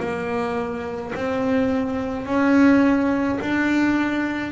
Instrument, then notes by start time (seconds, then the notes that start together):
double bass
0.00 A#3
1.15 C4
2.26 C#4
3.41 D4